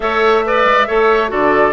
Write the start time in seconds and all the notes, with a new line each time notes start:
0.00 A3 A4 C#5 E5
0.45 B4 D5
0.64 G#3
0.87 A3 A4 C#5
1.28 D3 F#4 A4 D5